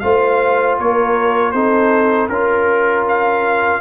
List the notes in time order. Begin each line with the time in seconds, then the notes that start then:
0.00 A3 F4 C5 F5
0.79 A#3 A#4 C#5
1.51 C4 D#4 A4 C5
2.29 C#4 F4 A#4
3.08 F5